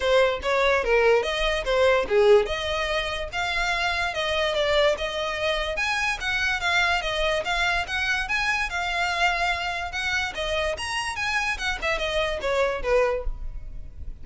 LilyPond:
\new Staff \with { instrumentName = "violin" } { \time 4/4 \tempo 4 = 145 c''4 cis''4 ais'4 dis''4 | c''4 gis'4 dis''2 | f''2 dis''4 d''4 | dis''2 gis''4 fis''4 |
f''4 dis''4 f''4 fis''4 | gis''4 f''2. | fis''4 dis''4 ais''4 gis''4 | fis''8 e''8 dis''4 cis''4 b'4 | }